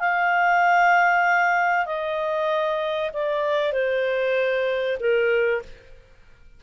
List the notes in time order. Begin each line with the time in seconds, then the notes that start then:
0.00 F5
1.86 D#5
3.14 D5
3.73 C5
5.00 A#4